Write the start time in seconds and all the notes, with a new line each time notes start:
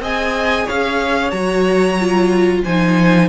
0.00 C4 G#4 D#5 G#5
0.65 C#4 C#5 F5
1.31 F#3 F#4 A#5
2.00 F4
2.64 F3 D#4 C5 G#5